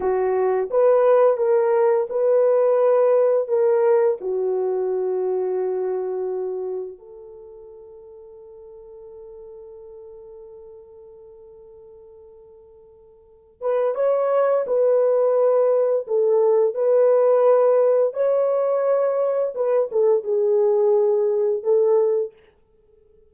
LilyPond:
\new Staff \with { instrumentName = "horn" } { \time 4/4 \tempo 4 = 86 fis'4 b'4 ais'4 b'4~ | b'4 ais'4 fis'2~ | fis'2 a'2~ | a'1~ |
a'2.~ a'8 b'8 | cis''4 b'2 a'4 | b'2 cis''2 | b'8 a'8 gis'2 a'4 | }